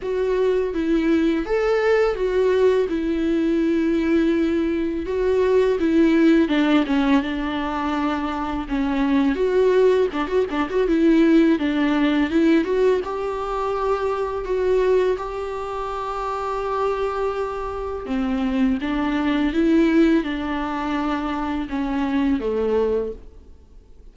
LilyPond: \new Staff \with { instrumentName = "viola" } { \time 4/4 \tempo 4 = 83 fis'4 e'4 a'4 fis'4 | e'2. fis'4 | e'4 d'8 cis'8 d'2 | cis'4 fis'4 d'16 fis'16 d'16 fis'16 e'4 |
d'4 e'8 fis'8 g'2 | fis'4 g'2.~ | g'4 c'4 d'4 e'4 | d'2 cis'4 a4 | }